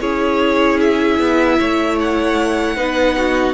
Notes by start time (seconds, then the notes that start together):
0.00 C#4 E4 G#4 C#5
0.80 E5
1.19 B3
1.59 A3 C#5
2.00 F#5
2.76 B3 D#4 B4
3.17 F#4